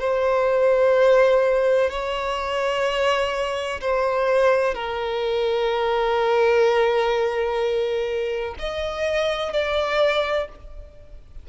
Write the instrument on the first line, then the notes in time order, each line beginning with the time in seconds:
violin
0.00 C5
1.90 C#5
3.81 C5
4.74 A#4
8.59 D#5
9.53 D5